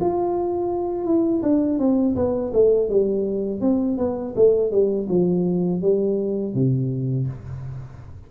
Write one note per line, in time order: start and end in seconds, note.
0.00 1.05 F4
1.05 1.41 E4
1.42 1.79 D4
1.79 2.15 C4
2.16 2.52 B3
2.53 2.89 A3
2.89 3.61 G3
3.61 3.97 C4
3.97 4.34 B3
4.35 4.71 A3
4.71 5.08 G3
5.09 5.81 F3
5.81 6.54 G3
6.54 7.27 C3